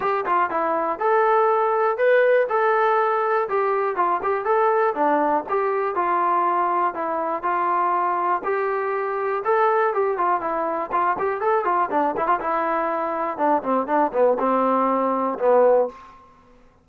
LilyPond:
\new Staff \with { instrumentName = "trombone" } { \time 4/4 \tempo 4 = 121 g'8 f'8 e'4 a'2 | b'4 a'2 g'4 | f'8 g'8 a'4 d'4 g'4 | f'2 e'4 f'4~ |
f'4 g'2 a'4 | g'8 f'8 e'4 f'8 g'8 a'8 f'8 | d'8 e'16 f'16 e'2 d'8 c'8 | d'8 b8 c'2 b4 | }